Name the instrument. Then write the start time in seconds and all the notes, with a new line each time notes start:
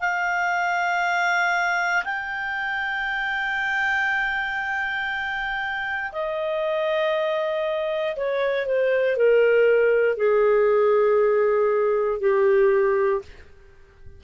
clarinet
0.00 F5
2.05 G5
6.12 D#5
8.16 C#5
8.66 C5
9.17 A#4
10.16 G#4
12.20 G4